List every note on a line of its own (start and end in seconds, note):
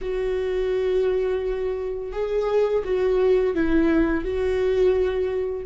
0.01 2.12 F#4
2.12 2.83 G#4
2.84 3.54 F#4
3.54 4.24 E4
4.24 5.65 F#4